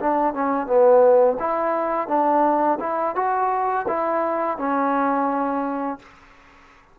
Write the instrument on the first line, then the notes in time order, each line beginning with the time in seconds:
trombone
0.00 D4
0.34 C#4
0.66 B3
1.39 E4
2.08 D4
2.80 E4
3.15 F#4
3.88 E4
4.58 C#4